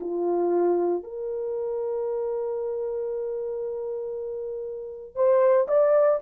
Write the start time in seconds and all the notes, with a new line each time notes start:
0.00 F4
1.03 A#4
5.15 C5
5.68 D5